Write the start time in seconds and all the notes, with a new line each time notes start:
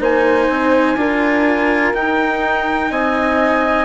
0.00 A#3 D#4 C5 G#5
0.49 C4
0.96 D4 F4 A#4
1.94 D#4 G5
2.91 C4 D#5 G#5